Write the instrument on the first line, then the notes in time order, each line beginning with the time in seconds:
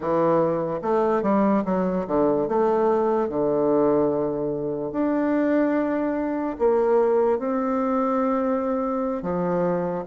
bassoon
0.00 E3
0.82 A3
1.22 G3
1.64 F#3
2.07 D3
2.48 A3
3.29 D3
4.91 D4
6.59 A#3
7.39 C4
9.22 F3